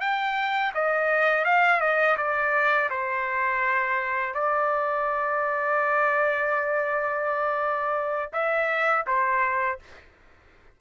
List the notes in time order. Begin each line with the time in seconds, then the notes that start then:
0.00 G5
0.74 D#5
1.45 F5
1.80 D#5
2.17 D5
2.90 C5
4.34 D5
8.33 E5
9.07 C5